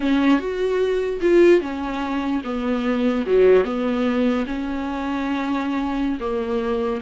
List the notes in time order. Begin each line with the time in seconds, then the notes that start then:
0.00 C#4
0.39 F#4
1.21 F4
1.60 C#4
2.44 B3
3.26 F#3
3.64 B3
4.46 C#4
6.19 A#3